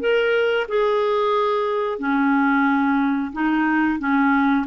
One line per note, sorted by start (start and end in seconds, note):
0.00 0.67 A#4
0.68 1.98 G#4
1.98 3.32 C#4
3.33 3.99 D#4
3.99 4.65 C#4